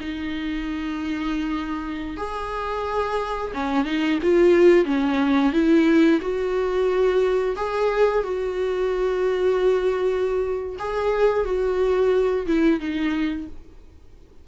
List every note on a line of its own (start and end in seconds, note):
0.00 2.17 D#4
2.17 3.52 G#4
3.54 3.85 C#4
3.85 4.19 D#4
4.22 4.85 F4
4.85 5.52 C#4
5.53 6.20 E4
6.21 7.56 F#4
7.56 8.23 G#4
8.23 10.76 F#4
10.79 11.45 G#4
11.45 12.46 F#4
12.47 12.80 E4
12.80 13.47 D#4